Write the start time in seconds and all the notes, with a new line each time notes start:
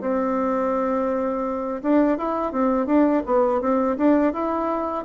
0.00 C4
1.82 D4
2.18 E4
2.52 C4
2.86 D4
3.25 B3
3.60 C4
3.97 D4
4.32 E4